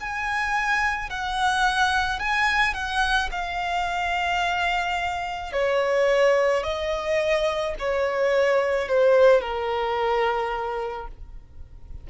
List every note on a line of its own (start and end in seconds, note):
0.00 1.09 G#5
1.09 2.19 F#5
2.19 2.73 G#5
2.73 3.29 F#5
3.31 5.52 F5
5.52 6.63 C#5
6.63 7.74 D#5
7.78 8.88 C#5
8.88 9.40 C5
9.40 11.07 A#4